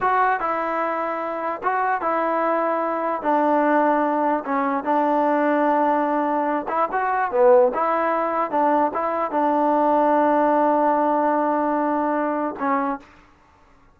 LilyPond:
\new Staff \with { instrumentName = "trombone" } { \time 4/4 \tempo 4 = 148 fis'4 e'2. | fis'4 e'2. | d'2. cis'4 | d'1~ |
d'8 e'8 fis'4 b4 e'4~ | e'4 d'4 e'4 d'4~ | d'1~ | d'2. cis'4 | }